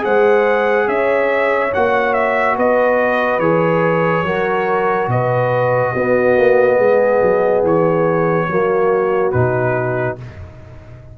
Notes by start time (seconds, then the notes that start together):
0.00 G#3 G#4 C5 F#5
0.88 C#4 C#5 E5
1.74 A#3 F#4 F#5
2.14 E5
2.57 B3 B4 D#5
3.39 E3 G#4 C#5
4.24 F#3 F#4 A#4
5.08 B2 B4 D#5
5.93 B3 F#4
6.38 A#3
6.77 G#3 G#4
7.23 F#3
7.63 E3 C#5
8.49 F#3 A#3 F#4
9.32 B2 D#4 B4